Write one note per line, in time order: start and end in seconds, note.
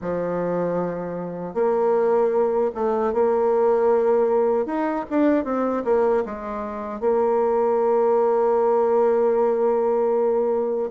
0.01 1.54 F3
1.54 2.71 A#3
2.74 3.13 A3
3.13 4.65 A#3
4.65 5.04 D#4
5.10 5.44 D4
5.44 5.83 C4
5.84 6.23 A#3
6.25 7.00 G#3
7.00 10.89 A#3